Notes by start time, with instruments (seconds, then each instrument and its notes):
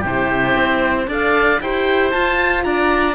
0.00 cello C3, horn E4, oboe G4 C5
0.56 cello C4
1.07 cello D4, horn A4, oboe D5 F5
1.61 cello E4, horn G4, oboe C5 G5
2.11 horn F4, cello F4, oboe A5
2.63 cello D4, oboe D5 A#5